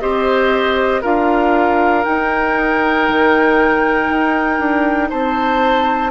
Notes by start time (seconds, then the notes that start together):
0.00 C4 G4 C5 D#5
1.01 D4 F4 A#4 F5
2.04 D#4 G5
3.08 D#3
4.08 D#4
4.59 D4
5.09 C4 C5 A5